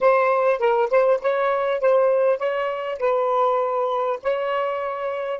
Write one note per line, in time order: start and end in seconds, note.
0.01 0.59 C5
0.59 0.89 A#4
0.90 1.20 C5
1.21 1.80 C#5
1.80 2.38 C5
2.38 2.98 C#5
2.99 4.19 B4
4.22 5.40 C#5